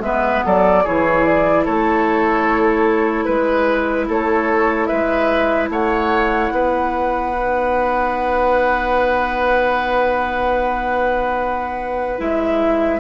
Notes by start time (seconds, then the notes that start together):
0.00 G#3 B3 B4 E5
0.45 F#3 A4 D5
0.84 E3 E4 G#4 C#5
1.24 D5
1.64 A3 A4 C#5
3.24 G#3 B4
4.08 A3 A4 C#5
4.86 G#3 B4 E5
5.69 A3 C#5 F#5
6.51 B3 B4
7.34 D#4
12.18 G#3 E4 E5